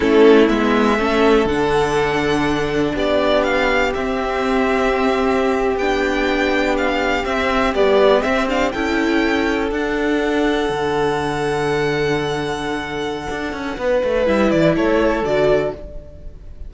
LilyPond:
<<
  \new Staff \with { instrumentName = "violin" } { \time 4/4 \tempo 4 = 122 a'4 e''2 fis''4~ | fis''2 d''4 f''4 | e''2.~ e''8. g''16~ | g''4.~ g''16 f''4 e''4 d''16~ |
d''8. e''8 f''8 g''2 fis''16~ | fis''1~ | fis''1~ | fis''4 e''8 d''8 cis''4 d''4 | }
  \new Staff \with { instrumentName = "violin" } { \time 4/4 e'2 a'2~ | a'2 g'2~ | g'1~ | g'1~ |
g'4.~ g'16 a'2~ a'16~ | a'1~ | a'1 | b'2 a'2 | }
  \new Staff \with { instrumentName = "viola" } { \time 4/4 cis'4 b4 cis'4 d'4~ | d'1 | c'2.~ c'8. d'16~ | d'2~ d'8. c'4 g16~ |
g8. c'8 d'8 e'2 d'16~ | d'1~ | d'1~ | d'4 e'2 fis'4 | }
  \new Staff \with { instrumentName = "cello" } { \time 4/4 a4 gis4 a4 d4~ | d2 b2 | c'2.~ c'8. b16~ | b2~ b8. c'4 b16~ |
b8. c'4 cis'2 d'16~ | d'4.~ d'16 d2~ d16~ | d2. d'8 cis'8 | b8 a8 g8 e8 a4 d4 | }
>>